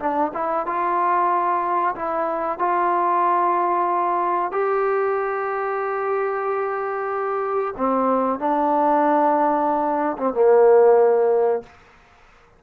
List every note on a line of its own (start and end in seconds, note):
0.00 0.32 D4
0.34 0.67 E4
0.67 1.96 F4
1.96 2.59 E4
2.59 4.52 F4
4.52 7.75 G4
7.77 8.40 C4
8.40 10.17 D4
10.18 10.35 C4
10.35 11.64 A#3